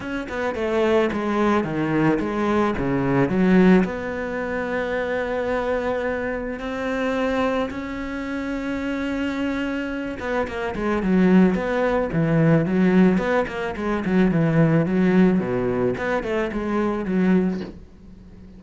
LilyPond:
\new Staff \with { instrumentName = "cello" } { \time 4/4 \tempo 4 = 109 cis'8 b8 a4 gis4 dis4 | gis4 cis4 fis4 b4~ | b1 | c'2 cis'2~ |
cis'2~ cis'8 b8 ais8 gis8 | fis4 b4 e4 fis4 | b8 ais8 gis8 fis8 e4 fis4 | b,4 b8 a8 gis4 fis4 | }